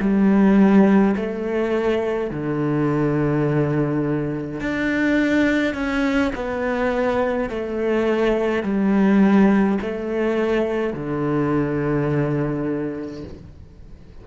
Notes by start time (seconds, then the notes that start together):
0.00 G3
1.16 A3
2.31 D3
4.60 D4
5.74 C#4
6.35 B3
7.49 A3
8.63 G3
9.81 A3
10.94 D3